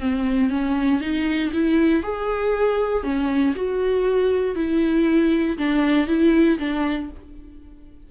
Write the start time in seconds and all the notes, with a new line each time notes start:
0.00 C4
0.49 C#4
1.01 D#4
1.53 E4
2.03 G#4
3.03 C#4
3.55 F#4
4.55 E4
5.57 D4
6.07 E4
6.59 D4